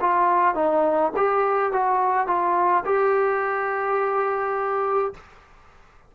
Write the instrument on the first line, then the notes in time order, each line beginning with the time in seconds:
trombone
0.00 F4
0.55 D#4
1.16 G4
1.72 F#4
2.27 F4
2.85 G4